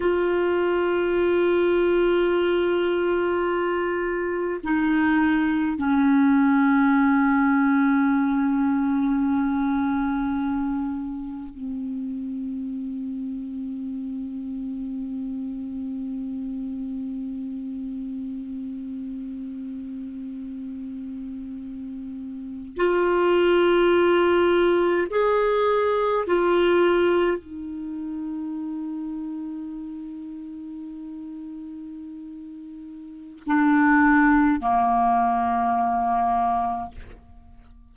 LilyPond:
\new Staff \with { instrumentName = "clarinet" } { \time 4/4 \tempo 4 = 52 f'1 | dis'4 cis'2.~ | cis'2 c'2~ | c'1~ |
c'2.~ c'8. f'16~ | f'4.~ f'16 gis'4 f'4 dis'16~ | dis'1~ | dis'4 d'4 ais2 | }